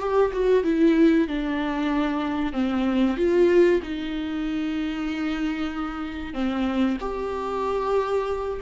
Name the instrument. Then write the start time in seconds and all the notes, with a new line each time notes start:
viola
0.00 G4
0.33 F#4
0.64 E4
1.28 D4
2.53 C4
3.17 F4
3.83 D#4
6.34 C4
7.01 G4